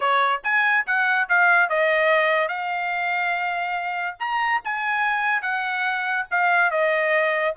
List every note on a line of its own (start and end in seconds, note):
0.00 0.42 C#5
0.43 0.85 G#5
0.86 1.28 F#5
1.29 1.69 F5
1.69 2.48 D#5
2.48 4.16 F5
4.19 4.61 A#5
4.64 5.42 G#5
5.42 6.26 F#5
6.30 6.70 F5
6.70 7.54 D#5